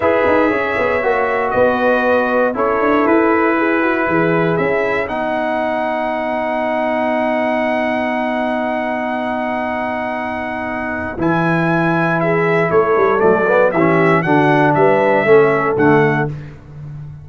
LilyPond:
<<
  \new Staff \with { instrumentName = "trumpet" } { \time 4/4 \tempo 4 = 118 e''2. dis''4~ | dis''4 cis''4 b'2~ | b'4 e''4 fis''2~ | fis''1~ |
fis''1~ | fis''2 gis''2 | e''4 cis''4 d''4 e''4 | fis''4 e''2 fis''4 | }
  \new Staff \with { instrumentName = "horn" } { \time 4/4 b'4 cis''2 b'4~ | b'4 a'2 gis'8 fis'8 | gis'2 b'2~ | b'1~ |
b'1~ | b'1 | gis'4 a'2 g'4 | fis'4 b'4 a'2 | }
  \new Staff \with { instrumentName = "trombone" } { \time 4/4 gis'2 fis'2~ | fis'4 e'2.~ | e'2 dis'2~ | dis'1~ |
dis'1~ | dis'2 e'2~ | e'2 a8 b8 cis'4 | d'2 cis'4 a4 | }
  \new Staff \with { instrumentName = "tuba" } { \time 4/4 e'8 dis'8 cis'8 b8 ais4 b4~ | b4 cis'8 d'8 e'2 | e4 cis'4 b2~ | b1~ |
b1~ | b2 e2~ | e4 a8 g8 fis4 e4 | d4 g4 a4 d4 | }
>>